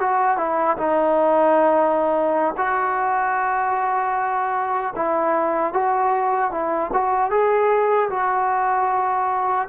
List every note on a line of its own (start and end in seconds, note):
0.00 0.37 F#4
0.37 0.77 E4
0.77 2.55 D#4
2.57 4.94 F#4
4.96 5.73 E4
5.73 6.51 F#4
6.51 6.91 E4
6.93 7.30 F#4
7.30 8.09 G#4
8.10 9.68 F#4